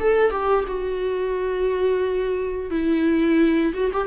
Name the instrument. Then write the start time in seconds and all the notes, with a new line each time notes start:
viola
0.00 A4
0.31 G4
0.68 F#4
2.71 E4
3.74 F#4
3.93 G4